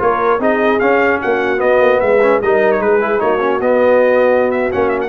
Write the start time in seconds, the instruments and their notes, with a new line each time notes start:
0.00 tuba A#3, trombone F4, horn A#4, trumpet C#5
0.39 tuba C4, trombone D#4, horn G#4, trumpet D#5
0.80 tuba C#4, trombone C#4, trumpet F5
1.22 tuba A#3, horn F#4, trumpet F#5
1.57 trombone B3, tuba B3, trumpet D#5
1.81 tuba A#3
2.01 tuba G#3, horn B4, trumpet E5
2.23 trombone C#4
2.42 tuba G3, trombone D#4, horn A#4, trumpet D#5
2.72 trumpet C#5
2.80 tuba G#3, horn G#4, trumpet B4
3.01 trombone E4
3.20 tuba A#3, trombone D#4, horn F#4, trumpet C#5
3.41 trombone C#4
3.60 tuba B3, trombone B3, trumpet D#5
4.52 trumpet E5
4.72 tuba A#3, trombone C#4, trumpet F#5
4.89 trumpet E5
5.02 trumpet F#5